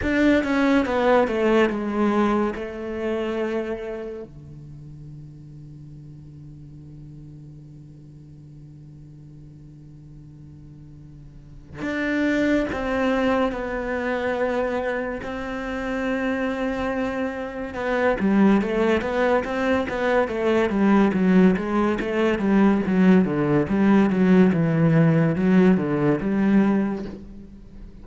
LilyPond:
\new Staff \with { instrumentName = "cello" } { \time 4/4 \tempo 4 = 71 d'8 cis'8 b8 a8 gis4 a4~ | a4 d2.~ | d1~ | d2 d'4 c'4 |
b2 c'2~ | c'4 b8 g8 a8 b8 c'8 b8 | a8 g8 fis8 gis8 a8 g8 fis8 d8 | g8 fis8 e4 fis8 d8 g4 | }